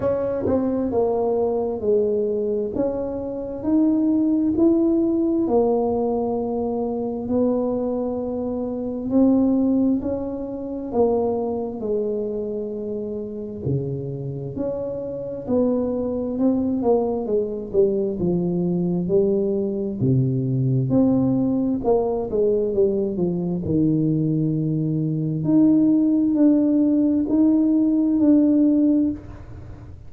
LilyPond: \new Staff \with { instrumentName = "tuba" } { \time 4/4 \tempo 4 = 66 cis'8 c'8 ais4 gis4 cis'4 | dis'4 e'4 ais2 | b2 c'4 cis'4 | ais4 gis2 cis4 |
cis'4 b4 c'8 ais8 gis8 g8 | f4 g4 c4 c'4 | ais8 gis8 g8 f8 dis2 | dis'4 d'4 dis'4 d'4 | }